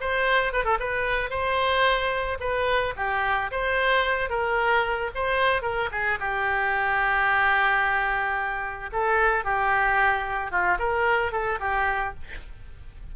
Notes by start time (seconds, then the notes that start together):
0.00 C5
0.52 B4
0.64 A4
0.79 B4
1.29 C5
2.40 B4
2.96 G4
3.51 C5
4.29 A#4
5.14 C5
5.62 A#4
5.91 G#4
6.19 G4
8.92 A4
9.44 G4
10.51 F4
10.78 A#4
11.31 A4
11.60 G4